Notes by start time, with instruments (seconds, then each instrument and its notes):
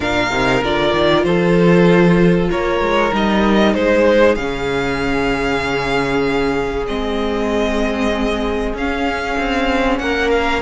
0.00 cello A#2, viola D4, violin A#4 F5
0.30 cello C3, viola D#4
0.62 cello D3, viola F4, violin D5
0.93 cello D#3
1.23 cello F3, violin A4 C5
2.50 cello A#3, violin A#4 C#5
2.80 cello G#3
3.12 cello G3, viola D#4, violin D#5
3.74 cello G#3, violin G#4 C5
4.35 cello C#3, viola C#4, violin F5
6.87 cello G#3, viola C4, violin D#5
8.73 cello C#4, viola C#4, violin F5
9.38 cello C4
9.98 cello A#3, violin A#4 F#5
10.30 violin F5